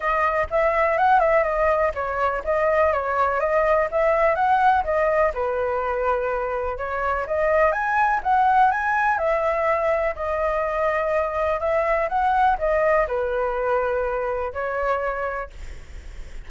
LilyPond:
\new Staff \with { instrumentName = "flute" } { \time 4/4 \tempo 4 = 124 dis''4 e''4 fis''8 e''8 dis''4 | cis''4 dis''4 cis''4 dis''4 | e''4 fis''4 dis''4 b'4~ | b'2 cis''4 dis''4 |
gis''4 fis''4 gis''4 e''4~ | e''4 dis''2. | e''4 fis''4 dis''4 b'4~ | b'2 cis''2 | }